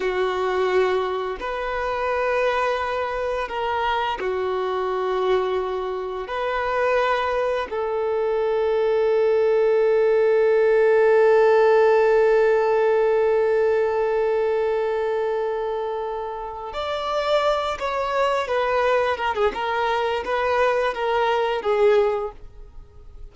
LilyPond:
\new Staff \with { instrumentName = "violin" } { \time 4/4 \tempo 4 = 86 fis'2 b'2~ | b'4 ais'4 fis'2~ | fis'4 b'2 a'4~ | a'1~ |
a'1~ | a'1 | d''4. cis''4 b'4 ais'16 gis'16 | ais'4 b'4 ais'4 gis'4 | }